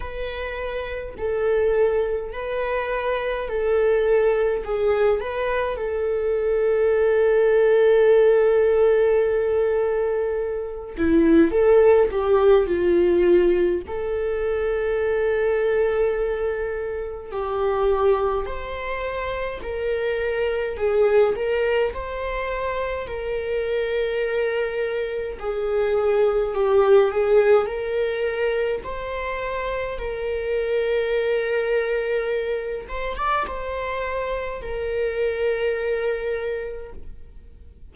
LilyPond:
\new Staff \with { instrumentName = "viola" } { \time 4/4 \tempo 4 = 52 b'4 a'4 b'4 a'4 | gis'8 b'8 a'2.~ | a'4. e'8 a'8 g'8 f'4 | a'2. g'4 |
c''4 ais'4 gis'8 ais'8 c''4 | ais'2 gis'4 g'8 gis'8 | ais'4 c''4 ais'2~ | ais'8 c''16 d''16 c''4 ais'2 | }